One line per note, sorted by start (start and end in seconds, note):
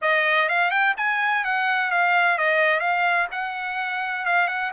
0.01 0.48 D#5
0.49 0.70 F5
0.70 0.94 G5
0.97 1.44 G#5
1.44 1.90 F#5
1.90 2.38 F5
2.38 2.80 D#5
2.80 3.27 F5
3.31 4.25 F#5
4.25 4.47 F5
4.47 4.71 F#5